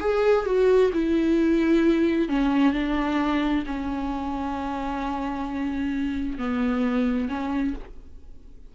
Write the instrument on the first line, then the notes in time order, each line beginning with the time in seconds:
viola
0.00 G#4
0.45 F#4
0.93 E4
2.28 C#4
2.73 D4
3.66 C#4
6.38 B3
7.28 C#4